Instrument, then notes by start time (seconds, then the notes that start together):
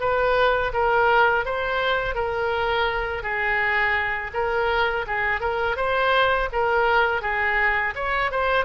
oboe
0.00 B4
0.73 A#4
1.46 C5
2.15 A#4
3.23 G#4
4.33 A#4
5.07 G#4
5.41 A#4
5.77 C5
6.53 A#4
7.22 G#4
7.96 C#5
8.31 C5